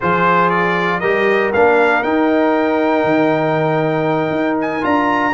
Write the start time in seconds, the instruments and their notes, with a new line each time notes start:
0.00 tuba F3, trombone F4, horn G#4, trumpet C5
0.50 trumpet D5
1.00 tuba G3, trombone G4, horn A#4, trumpet D#5
1.53 tuba A#3, trombone D4, trumpet F5
2.02 tuba D#4, trombone D#4, trumpet G5
3.04 tuba D#3
4.30 tuba D#4
4.60 trumpet G#5
4.81 tuba D4, trombone F4, trumpet A#5